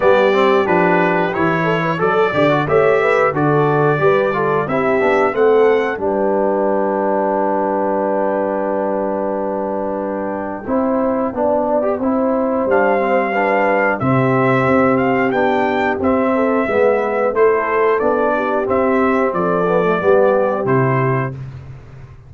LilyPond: <<
  \new Staff \with { instrumentName = "trumpet" } { \time 4/4 \tempo 4 = 90 d''4 b'4 cis''4 d''4 | e''4 d''2 e''4 | fis''4 g''2.~ | g''1~ |
g''2. f''4~ | f''4 e''4. f''8 g''4 | e''2 c''4 d''4 | e''4 d''2 c''4 | }
  \new Staff \with { instrumentName = "horn" } { \time 4/4 g'2~ g'8 a'16 b'16 a'8 d''8 | cis''8 b'8 a'4 b'8 a'8 g'4 | a'4 b'2.~ | b'1 |
c''4 d''4 c''2 | b'4 g'2.~ | g'8 a'8 b'4 a'4. g'8~ | g'4 a'4 g'2 | }
  \new Staff \with { instrumentName = "trombone" } { \time 4/4 b8 c'8 d'4 e'4 a'8 g'16 fis'16 | g'4 fis'4 g'8 f'8 e'8 d'8 | c'4 d'2.~ | d'1 |
e'4 d'8. g'16 e'4 d'8 c'8 | d'4 c'2 d'4 | c'4 b4 e'4 d'4 | c'4. b16 a16 b4 e'4 | }
  \new Staff \with { instrumentName = "tuba" } { \time 4/4 g4 f4 e4 fis8 d8 | a4 d4 g4 c'8 b8 | a4 g2.~ | g1 |
c'4 b4 c'4 g4~ | g4 c4 c'4 b4 | c'4 gis4 a4 b4 | c'4 f4 g4 c4 | }
>>